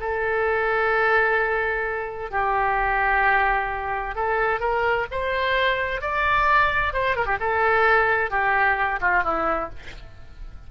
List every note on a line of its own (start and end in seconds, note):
0.00 2.31 A4
2.31 4.16 G4
4.16 4.60 A4
4.60 5.06 A#4
5.11 6.01 C5
6.01 6.93 D5
6.93 7.16 C5
7.16 7.26 A#4
7.26 7.37 G4
7.40 8.30 A4
8.30 9.00 G4
9.01 9.23 F4
9.23 9.70 E4